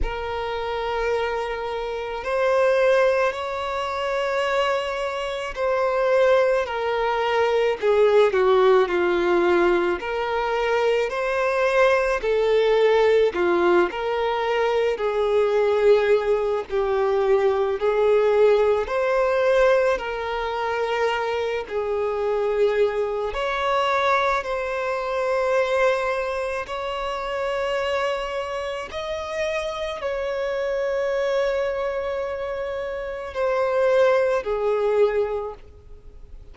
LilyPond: \new Staff \with { instrumentName = "violin" } { \time 4/4 \tempo 4 = 54 ais'2 c''4 cis''4~ | cis''4 c''4 ais'4 gis'8 fis'8 | f'4 ais'4 c''4 a'4 | f'8 ais'4 gis'4. g'4 |
gis'4 c''4 ais'4. gis'8~ | gis'4 cis''4 c''2 | cis''2 dis''4 cis''4~ | cis''2 c''4 gis'4 | }